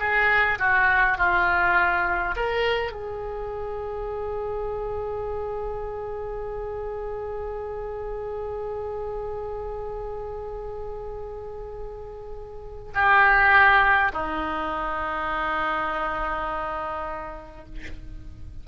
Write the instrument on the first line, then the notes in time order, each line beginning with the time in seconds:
oboe
0.00 G#4
0.59 F#4
1.18 F4
2.36 A#4
2.92 G#4
12.95 G4
14.13 D#4